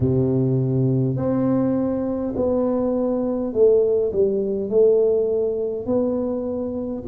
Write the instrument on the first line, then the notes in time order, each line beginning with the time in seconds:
tuba
0.00 C3
1.16 C4
2.35 B3
3.53 A3
4.12 G3
4.69 A3
5.86 B3